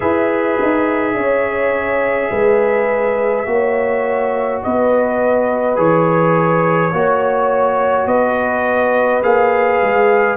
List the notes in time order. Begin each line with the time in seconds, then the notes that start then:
0.00 E4 G#4 B4 E5
0.61 D#4
1.13 C#4 C#5
2.30 G#3 B4
3.46 A#3 F#4 C#5
4.62 B3 B4 D#5
5.76 E3 G#4 C#5
6.92 A#3 F#4 C#5
8.06 B3 B4 D#5
9.22 A#3 G#4 F5
9.82 G#3